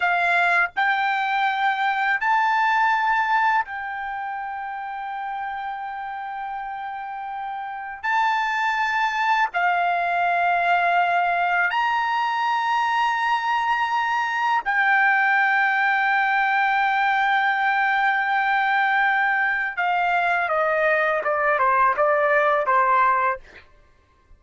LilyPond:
\new Staff \with { instrumentName = "trumpet" } { \time 4/4 \tempo 4 = 82 f''4 g''2 a''4~ | a''4 g''2.~ | g''2. a''4~ | a''4 f''2. |
ais''1 | g''1~ | g''2. f''4 | dis''4 d''8 c''8 d''4 c''4 | }